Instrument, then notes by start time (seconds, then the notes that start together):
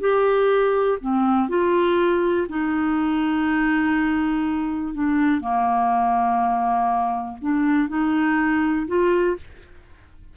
clarinet
0.00 G4
1.01 C4
1.48 F4
2.49 D#4
4.94 D4
5.41 A#3
7.41 D4
7.88 D#4
8.87 F4